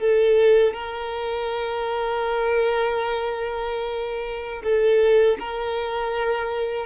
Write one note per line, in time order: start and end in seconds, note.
0.00 0.73 A4
0.73 4.62 A#4
4.64 5.38 A4
5.39 6.86 A#4